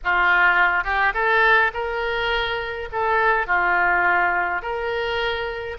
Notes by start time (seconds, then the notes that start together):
0.03 F4
0.84 G4
1.14 A4
1.73 A#4
2.91 A4
3.46 F4
4.62 A#4